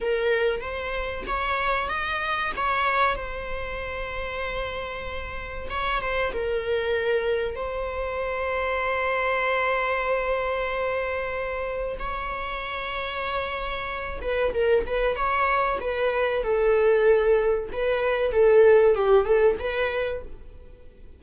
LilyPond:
\new Staff \with { instrumentName = "viola" } { \time 4/4 \tempo 4 = 95 ais'4 c''4 cis''4 dis''4 | cis''4 c''2.~ | c''4 cis''8 c''8 ais'2 | c''1~ |
c''2. cis''4~ | cis''2~ cis''8 b'8 ais'8 b'8 | cis''4 b'4 a'2 | b'4 a'4 g'8 a'8 b'4 | }